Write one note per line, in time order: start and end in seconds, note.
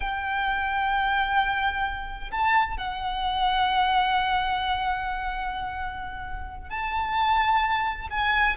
0.00 2.31 G5
2.31 2.77 A5
2.77 6.69 F#5
6.69 8.08 A5
8.10 8.56 G#5